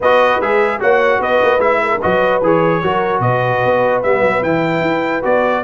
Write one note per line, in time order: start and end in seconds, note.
0.00 0.39 B3
0.00 0.42 F#4
0.00 0.80 B4
0.00 0.41 D#5
0.39 0.80 G#3
0.39 0.80 G#4
0.39 0.81 E5
0.80 1.19 A#3
0.80 1.59 F#4
0.80 1.20 C#5
0.80 1.22 F#5
1.19 1.39 B3
1.19 1.81 B4
1.19 1.60 D#5
1.42 1.58 A#3
1.58 1.99 G#3
1.58 1.99 E4
1.58 2.00 E5
1.82 2.01 A#4
2.01 2.41 F#3
2.01 2.41 F#4
2.01 2.81 B4
2.01 2.42 D#5
2.41 2.82 E3
2.41 2.83 G#4
2.41 3.21 C#5
2.82 3.19 F#3
2.82 4.04 F#4
2.82 3.21 A#4
3.19 3.60 B2
3.19 5.63 B4
3.19 4.01 D#5
3.64 4.04 B3
4.02 4.22 G3
4.02 4.43 B3
4.02 4.43 E5
4.22 4.42 F#3
4.42 4.81 E3
4.42 5.22 E4
4.42 5.23 G5
4.81 5.21 E4
5.22 5.63 B3
5.22 5.62 F#4
5.22 5.63 D5